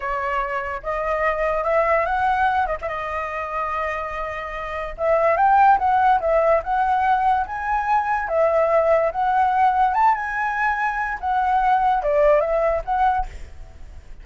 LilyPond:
\new Staff \with { instrumentName = "flute" } { \time 4/4 \tempo 4 = 145 cis''2 dis''2 | e''4 fis''4. dis''16 e''16 dis''4~ | dis''1 | e''4 g''4 fis''4 e''4 |
fis''2 gis''2 | e''2 fis''2 | a''8 gis''2~ gis''8 fis''4~ | fis''4 d''4 e''4 fis''4 | }